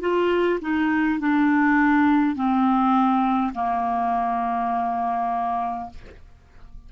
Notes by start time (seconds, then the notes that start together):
0.00 F4
0.61 D#4
1.19 D4
2.35 C4
3.54 A#3